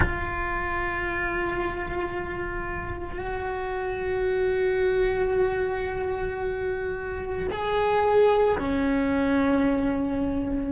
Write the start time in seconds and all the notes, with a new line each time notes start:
0.00 F4
3.18 F#4
7.50 G#4
8.58 C#4